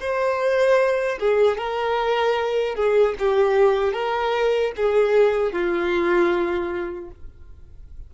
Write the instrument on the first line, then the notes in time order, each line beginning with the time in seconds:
violin
0.00 C5
1.19 G#4
1.58 A#4
2.75 G#4
3.18 G4
3.93 A#4
4.76 G#4
5.52 F4